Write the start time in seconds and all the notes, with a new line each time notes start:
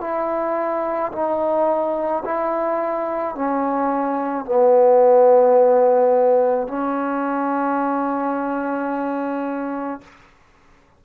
0.00 E4
1.12 D#4
2.24 E4
3.35 C#4
4.45 B3
6.67 C#4